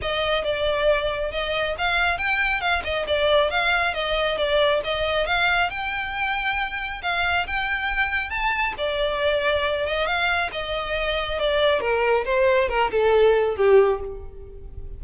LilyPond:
\new Staff \with { instrumentName = "violin" } { \time 4/4 \tempo 4 = 137 dis''4 d''2 dis''4 | f''4 g''4 f''8 dis''8 d''4 | f''4 dis''4 d''4 dis''4 | f''4 g''2. |
f''4 g''2 a''4 | d''2~ d''8 dis''8 f''4 | dis''2 d''4 ais'4 | c''4 ais'8 a'4. g'4 | }